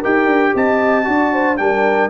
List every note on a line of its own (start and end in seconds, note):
0.00 0.26 D#4
0.00 1.04 G4
0.00 0.52 A#4
0.00 0.55 G5
0.26 0.52 D4
0.55 1.06 C4
0.55 1.07 D#5
0.55 1.57 A5
1.04 1.59 D4
1.04 1.56 F#4
1.04 1.33 D5
1.33 1.59 C5
1.57 2.10 G3
1.57 2.10 D4
1.57 2.10 A#4
1.57 2.09 G5